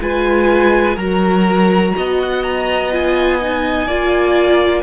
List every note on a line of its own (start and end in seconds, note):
0.00 0.97 G#3
0.00 0.98 F4
0.00 0.96 B4
0.00 0.98 G#5
0.96 1.94 F#3
0.96 2.92 F#4
0.96 1.93 A#4
0.96 2.19 A#5
1.97 3.87 B3
1.97 3.87 D#5
2.23 2.43 F#5
2.43 2.92 A#5
2.92 3.40 F4
2.92 4.83 G#5
3.43 3.89 D#4
3.87 4.83 A#3
3.87 4.83 F4
3.87 4.83 D5